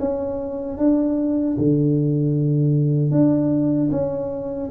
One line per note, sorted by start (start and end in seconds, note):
0.00 0.78 C#4
0.78 1.57 D4
1.58 3.11 D3
3.11 3.90 D4
3.91 4.70 C#4